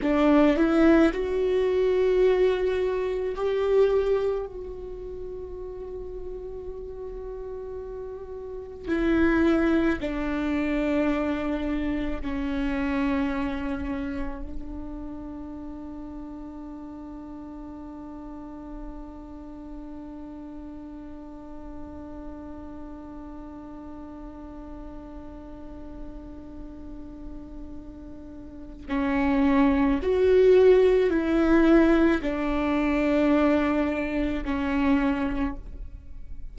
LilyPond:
\new Staff \with { instrumentName = "viola" } { \time 4/4 \tempo 4 = 54 d'8 e'8 fis'2 g'4 | fis'1 | e'4 d'2 cis'4~ | cis'4 d'2.~ |
d'1~ | d'1~ | d'2 cis'4 fis'4 | e'4 d'2 cis'4 | }